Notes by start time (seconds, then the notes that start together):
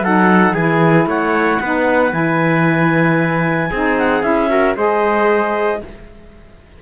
0.00 F#3 D#4 A4 F#5
0.53 E3 E4 G#4 G#5
1.06 A3 C#5 F#5
1.60 B3 D#4 B4
2.10 E3 E4 G#5
3.71 C4 D#4 G#4
3.98 F#5
4.22 C#4 E4 E5
4.48 F#4 A#4
4.75 G#3 G#4 C5 D#5